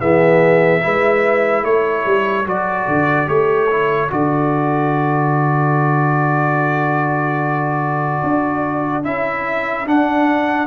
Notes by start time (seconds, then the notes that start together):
0.00 E3 B3 G#4 E5
0.81 G#3 E4 B4
1.63 A3 A4 C#5
2.06 G3
2.46 F#3 F#4 D5
2.88 D3
3.27 A3 G4 C#5
3.70 E4
4.10 D3 F#4 D5
8.24 D4
9.04 C#4 E4 E5
9.86 D4 F#5